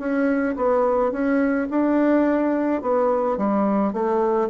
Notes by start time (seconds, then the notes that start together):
0.00 C#4
0.57 B3
1.12 C#4
1.71 D4
2.82 B3
3.38 G3
3.93 A3